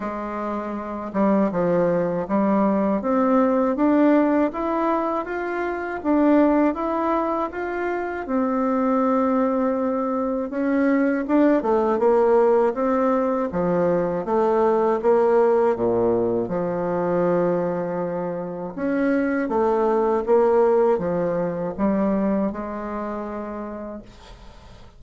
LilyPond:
\new Staff \with { instrumentName = "bassoon" } { \time 4/4 \tempo 4 = 80 gis4. g8 f4 g4 | c'4 d'4 e'4 f'4 | d'4 e'4 f'4 c'4~ | c'2 cis'4 d'8 a8 |
ais4 c'4 f4 a4 | ais4 ais,4 f2~ | f4 cis'4 a4 ais4 | f4 g4 gis2 | }